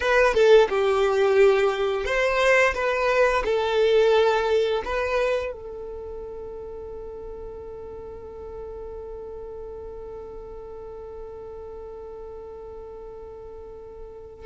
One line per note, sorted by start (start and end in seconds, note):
0.00 0.34 B4
0.34 0.68 A4
0.69 2.05 G4
2.05 2.74 C5
2.74 3.43 B4
3.45 4.82 A4
4.84 5.52 B4
5.52 14.45 A4